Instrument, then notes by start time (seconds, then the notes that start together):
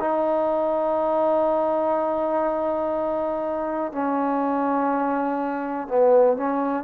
trombone
0.00 D#4
3.93 C#4
5.88 B3
6.37 C#4